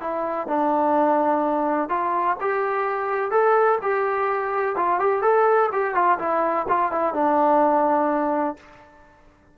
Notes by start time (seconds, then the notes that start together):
0.00 E4
0.48 D4
1.89 F4
2.41 G4
3.31 A4
3.82 G4
4.76 F4
4.99 G4
5.22 A4
5.72 G4
5.94 F4
6.19 E4
6.69 F4
6.92 E4
7.14 D4